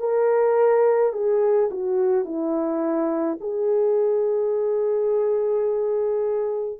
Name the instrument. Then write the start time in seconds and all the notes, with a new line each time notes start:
horn
0.00 A#4
1.13 G#4
1.71 F#4
2.25 E4
3.41 G#4